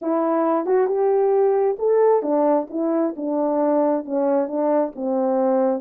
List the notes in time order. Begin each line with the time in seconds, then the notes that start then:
0.01 E4
0.66 F#4
0.87 G4
1.78 A4
2.22 D4
2.69 E4
3.16 D4
4.05 C#4
4.47 D4
4.95 C4